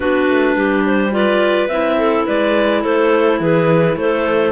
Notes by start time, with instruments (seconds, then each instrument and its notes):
0.00 cello B3, clarinet D4 F#4 B4
0.28 cello A3
0.56 cello G3, clarinet G4
0.86 clarinet C5
1.11 clarinet F4 B4 D5
1.68 cello C4, clarinet E4 E5
1.98 clarinet A4
2.26 cello G#3, clarinet B4 D5
2.81 cello A3, clarinet A4 C5
3.40 cello E3, clarinet G#4 B4
3.96 cello A3, clarinet A4 C5